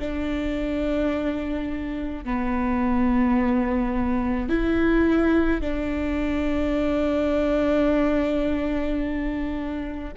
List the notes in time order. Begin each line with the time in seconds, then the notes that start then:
0.00 D4
2.25 B3
4.49 E4
5.61 D4